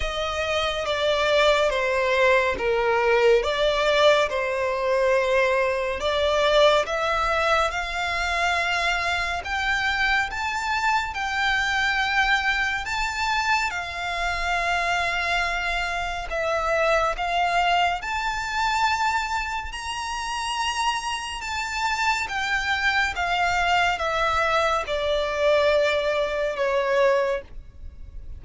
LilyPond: \new Staff \with { instrumentName = "violin" } { \time 4/4 \tempo 4 = 70 dis''4 d''4 c''4 ais'4 | d''4 c''2 d''4 | e''4 f''2 g''4 | a''4 g''2 a''4 |
f''2. e''4 | f''4 a''2 ais''4~ | ais''4 a''4 g''4 f''4 | e''4 d''2 cis''4 | }